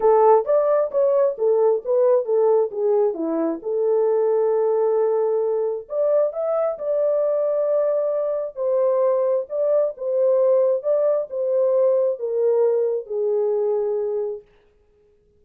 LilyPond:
\new Staff \with { instrumentName = "horn" } { \time 4/4 \tempo 4 = 133 a'4 d''4 cis''4 a'4 | b'4 a'4 gis'4 e'4 | a'1~ | a'4 d''4 e''4 d''4~ |
d''2. c''4~ | c''4 d''4 c''2 | d''4 c''2 ais'4~ | ais'4 gis'2. | }